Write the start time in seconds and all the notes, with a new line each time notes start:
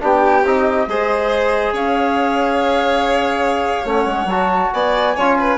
0.00 B3 D4 G4 G5
0.45 C4 D#4 D#5
0.87 G#3 G#4 C5
1.72 C#4 C#5 F5
3.85 A3 C#4 F#5
4.06 G#3
4.25 F#3 F#4 A5
4.73 B3 D5 G#5
5.16 C#4 F4 C#5
5.40 B4